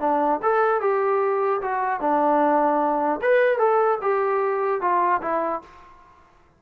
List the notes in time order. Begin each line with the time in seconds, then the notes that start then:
0.00 D4
0.42 A4
0.81 G4
1.62 F#4
2.00 D4
3.22 B4
3.59 A4
4.01 G4
4.81 F4
5.21 E4